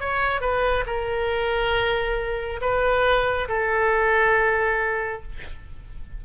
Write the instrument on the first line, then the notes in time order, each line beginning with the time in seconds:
oboe
0.00 C#5
0.41 B4
0.87 A#4
2.61 B4
3.49 A4